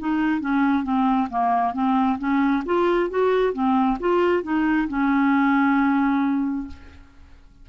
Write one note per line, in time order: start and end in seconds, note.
0.00 0.41 D#4
0.41 0.84 C#4
0.84 1.29 C4
1.30 1.74 A#3
1.74 2.19 C4
2.19 2.64 C#4
2.66 3.11 F4
3.11 3.53 F#4
3.53 3.98 C4
4.00 4.44 F4
4.44 4.88 D#4
4.88 6.68 C#4